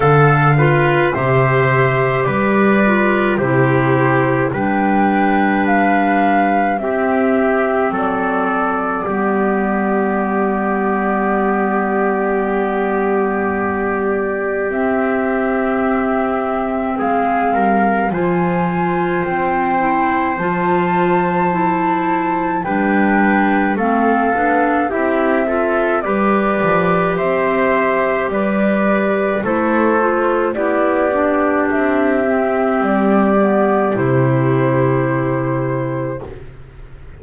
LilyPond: <<
  \new Staff \with { instrumentName = "flute" } { \time 4/4 \tempo 4 = 53 f''4 e''4 d''4 c''4 | g''4 f''4 e''4 d''4~ | d''1~ | d''4 e''2 f''4 |
gis''4 g''4 a''2 | g''4 f''4 e''4 d''4 | e''4 d''4 c''4 d''4 | e''4 d''4 c''2 | }
  \new Staff \with { instrumentName = "trumpet" } { \time 4/4 a'8 b'8 c''4 b'4 g'4 | b'2 g'4 a'4 | g'1~ | g'2. gis'8 ais'8 |
c''1 | b'4 a'4 g'8 a'8 b'4 | c''4 b'4 a'4 g'4~ | g'1 | }
  \new Staff \with { instrumentName = "clarinet" } { \time 4/4 a'8 f'8 g'4. f'8 e'4 | d'2 c'2 | b1~ | b4 c'2. |
f'4. e'8 f'4 e'4 | d'4 c'8 d'8 e'8 f'8 g'4~ | g'2 e'8 f'8 e'8 d'8~ | d'8 c'4 b8 e'2 | }
  \new Staff \with { instrumentName = "double bass" } { \time 4/4 d4 c4 g4 c4 | g2 c'4 fis4 | g1~ | g4 c'2 gis8 g8 |
f4 c'4 f2 | g4 a8 b8 c'4 g8 f8 | c'4 g4 a4 b4 | c'4 g4 c2 | }
>>